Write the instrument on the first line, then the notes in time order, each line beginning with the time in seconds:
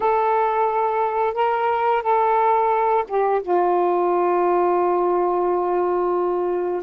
saxophone
0.00 A4
1.34 A#4
2.02 A4
3.07 G4
3.42 F4